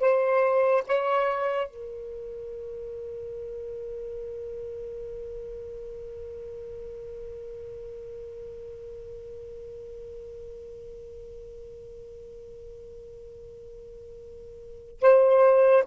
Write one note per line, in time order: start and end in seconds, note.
0.00 0.83 C5
0.86 1.67 C#5
1.67 15.00 A#4
15.01 15.84 C5